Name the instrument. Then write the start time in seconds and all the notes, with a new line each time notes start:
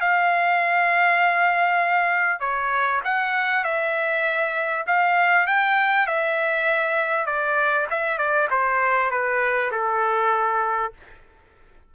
trumpet
0.00 F5
2.40 C#5
3.04 F#5
3.64 E5
4.86 F5
5.47 G5
6.07 E5
7.26 D5
7.90 E5
8.17 D5
8.50 C5
9.10 B4
9.71 A4